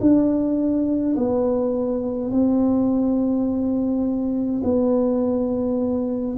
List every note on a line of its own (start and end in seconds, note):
0.00 1.15 D4
1.16 2.31 B3
2.31 4.62 C4
4.64 6.37 B3